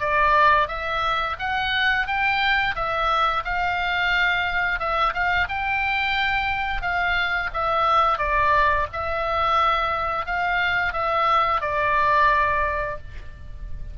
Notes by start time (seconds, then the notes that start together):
0.00 D5
0.68 E5
1.39 F#5
2.07 G5
2.75 E5
3.45 F5
4.79 E5
5.14 F5
5.49 G5
6.82 F5
7.53 E5
8.18 D5
8.93 E5
10.26 F5
10.93 E5
11.61 D5